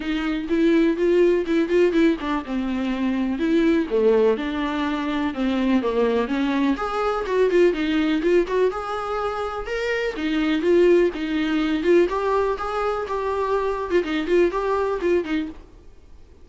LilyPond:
\new Staff \with { instrumentName = "viola" } { \time 4/4 \tempo 4 = 124 dis'4 e'4 f'4 e'8 f'8 | e'8 d'8 c'2 e'4 | a4 d'2 c'4 | ais4 cis'4 gis'4 fis'8 f'8 |
dis'4 f'8 fis'8 gis'2 | ais'4 dis'4 f'4 dis'4~ | dis'8 f'8 g'4 gis'4 g'4~ | g'8. f'16 dis'8 f'8 g'4 f'8 dis'8 | }